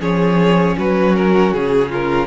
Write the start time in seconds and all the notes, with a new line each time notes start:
0.00 F3 C#4 G#4 C#5
0.78 F#3 F#4 B4
1.15 A#4
1.53 C#3 G#4
1.90 F4 A#4